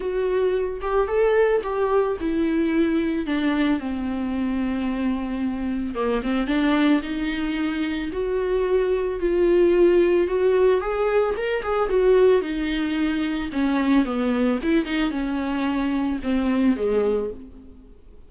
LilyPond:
\new Staff \with { instrumentName = "viola" } { \time 4/4 \tempo 4 = 111 fis'4. g'8 a'4 g'4 | e'2 d'4 c'4~ | c'2. ais8 c'8 | d'4 dis'2 fis'4~ |
fis'4 f'2 fis'4 | gis'4 ais'8 gis'8 fis'4 dis'4~ | dis'4 cis'4 b4 e'8 dis'8 | cis'2 c'4 gis4 | }